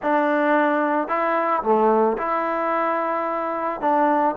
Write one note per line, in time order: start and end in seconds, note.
0.02 1.08 D4
1.08 1.62 E4
1.62 2.17 A3
2.17 3.81 E4
3.81 4.35 D4